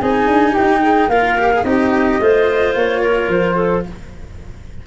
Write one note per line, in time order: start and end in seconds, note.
0.00 0.28 C4
0.00 1.12 D#4
0.00 0.51 G#4
0.00 0.55 G#5
0.28 0.55 D4
0.51 0.79 G4
0.51 1.10 G5
0.59 1.08 D#4
0.82 1.09 G#4
1.08 1.63 A#3
1.08 1.39 F4
1.08 1.64 A#4
1.08 1.64 F5
1.39 1.52 G4
1.52 1.66 G#4
1.64 2.19 C4
1.64 2.19 D#4
1.64 2.22 G4
1.64 2.74 D#5
2.20 2.75 A3
2.20 3.87 F4
2.20 3.01 C5
2.75 3.28 A#3
2.75 3.31 C#5
3.01 3.55 A#4
3.28 3.83 F3
3.28 3.86 C5
3.55 3.83 A4